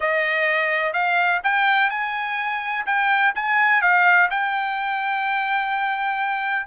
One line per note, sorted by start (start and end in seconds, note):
0.00 0.93 D#5
0.93 1.40 F5
1.43 1.90 G5
1.90 2.85 G#5
2.86 3.33 G5
3.35 3.81 G#5
3.81 4.29 F5
4.30 6.66 G5